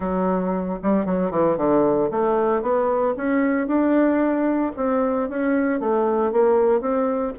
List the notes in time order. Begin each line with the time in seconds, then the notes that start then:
0.00 F#3
0.83 G3
1.05 F#3
1.30 E3
1.57 D3
2.11 A3
2.61 B3
3.17 C#4
3.67 D4
4.76 C4
5.29 C#4
5.80 A3
6.32 A#3
6.80 C4